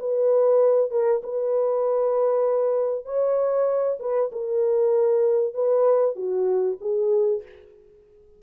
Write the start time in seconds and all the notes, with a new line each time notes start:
0.00 B4
0.91 A#4
1.23 B4
3.06 C#5
4.00 B4
4.32 A#4
5.54 B4
6.16 F#4
6.81 G#4